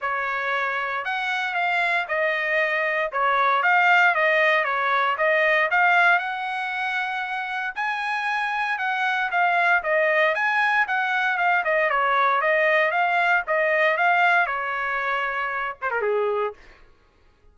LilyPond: \new Staff \with { instrumentName = "trumpet" } { \time 4/4 \tempo 4 = 116 cis''2 fis''4 f''4 | dis''2 cis''4 f''4 | dis''4 cis''4 dis''4 f''4 | fis''2. gis''4~ |
gis''4 fis''4 f''4 dis''4 | gis''4 fis''4 f''8 dis''8 cis''4 | dis''4 f''4 dis''4 f''4 | cis''2~ cis''8 c''16 ais'16 gis'4 | }